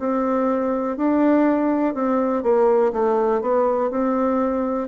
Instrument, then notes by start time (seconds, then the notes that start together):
bassoon
0.00 C4
0.97 D4
1.94 C4
2.44 A#3
2.93 A3
3.42 B3
3.91 C4